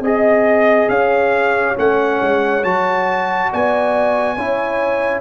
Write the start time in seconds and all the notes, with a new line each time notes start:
0.00 C4 G#4 D#5
0.88 C#4 C#5 F5
1.76 A3 C#4 F#5
2.21 G#3
2.63 F#3 F#4 A5
3.51 B3 D5 G#5
4.36 C#4 E4 C#5